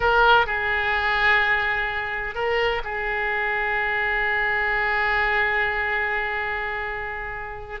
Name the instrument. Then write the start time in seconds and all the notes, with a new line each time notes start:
oboe
0.00 A#4
0.46 G#4
2.35 A#4
2.84 G#4